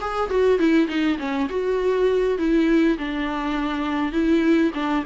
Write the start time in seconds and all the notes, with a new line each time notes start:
0.00 G#4
0.29 F#4
0.59 E4
0.87 D#4
1.18 C#4
1.49 F#4
2.38 E4
2.98 D4
4.12 E4
4.74 D4